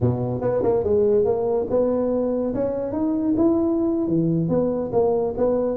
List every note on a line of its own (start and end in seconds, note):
0.00 0.41 B2
0.41 0.62 B3
0.63 0.83 A#3
0.83 1.24 G#3
1.24 1.66 A#3
1.70 2.54 B3
2.54 2.92 C#4
2.92 3.34 D#4
3.36 4.07 E4
4.07 4.48 E3
4.48 4.90 B3
4.92 5.34 A#3
5.37 5.77 B3